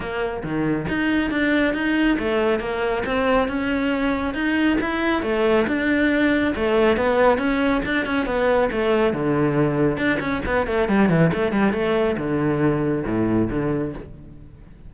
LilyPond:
\new Staff \with { instrumentName = "cello" } { \time 4/4 \tempo 4 = 138 ais4 dis4 dis'4 d'4 | dis'4 a4 ais4 c'4 | cis'2 dis'4 e'4 | a4 d'2 a4 |
b4 cis'4 d'8 cis'8 b4 | a4 d2 d'8 cis'8 | b8 a8 g8 e8 a8 g8 a4 | d2 a,4 d4 | }